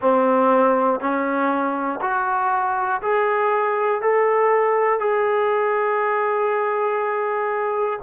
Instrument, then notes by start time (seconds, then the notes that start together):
trombone
0.00 C4
1.00 C#4
2.01 F#4
3.01 G#4
4.01 A4
5.00 G#4